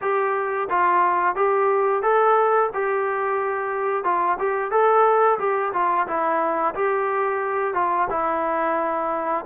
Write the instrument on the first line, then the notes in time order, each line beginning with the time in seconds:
trombone
0.01 G4
0.69 F4
1.35 G4
2.02 A4
2.73 G4
4.04 F4
4.39 G4
4.71 A4
5.38 G4
5.73 F4
6.07 E4
6.74 G4
7.74 F4
8.09 E4